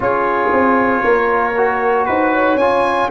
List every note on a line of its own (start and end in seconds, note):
0.00 0.49 C#4
0.00 1.53 F4
0.00 1.03 G#4
0.00 2.05 C#5
0.52 1.03 C4
1.03 2.07 A#3
1.03 2.07 A#4
1.56 2.60 F#4
2.05 2.55 D#4
2.05 2.57 B4
2.05 2.31 C5
2.31 3.08 C#5
2.55 3.07 C#4
2.55 3.10 F4
2.55 3.09 G#5